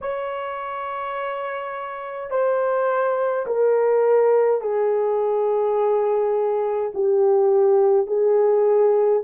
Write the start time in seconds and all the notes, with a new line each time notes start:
0.01 C#5
2.30 C5
3.46 A#4
4.61 G#4
6.94 G4
8.07 G#4